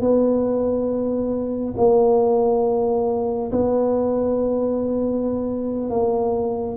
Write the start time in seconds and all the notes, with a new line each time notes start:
0.00 B3
1.77 A#3
3.51 B3
5.90 A#3